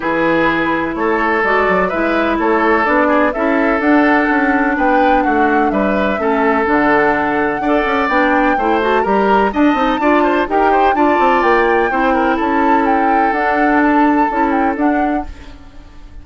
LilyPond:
<<
  \new Staff \with { instrumentName = "flute" } { \time 4/4 \tempo 4 = 126 b'2 cis''4 d''4 | e''4 cis''4 d''4 e''4 | fis''2 g''4 fis''4 | e''2 fis''2~ |
fis''4 g''4. a''8 ais''4 | a''2 g''4 a''4 | g''2 a''4 g''4 | fis''4 a''4. g''8 fis''4 | }
  \new Staff \with { instrumentName = "oboe" } { \time 4/4 gis'2 a'2 | b'4 a'4. gis'8 a'4~ | a'2 b'4 fis'4 | b'4 a'2. |
d''2 c''4 ais'4 | dis''4 d''8 c''8 ais'8 c''8 d''4~ | d''4 c''8 ais'8 a'2~ | a'1 | }
  \new Staff \with { instrumentName = "clarinet" } { \time 4/4 e'2. fis'4 | e'2 d'4 e'4 | d'1~ | d'4 cis'4 d'2 |
a'4 d'4 e'8 fis'8 g'4 | d'8 dis'8 f'4 g'4 f'4~ | f'4 e'2. | d'2 e'4 d'4 | }
  \new Staff \with { instrumentName = "bassoon" } { \time 4/4 e2 a4 gis8 fis8 | gis4 a4 b4 cis'4 | d'4 cis'4 b4 a4 | g4 a4 d2 |
d'8 cis'8 b4 a4 g4 | d'8 c'8 d'4 dis'4 d'8 c'8 | ais4 c'4 cis'2 | d'2 cis'4 d'4 | }
>>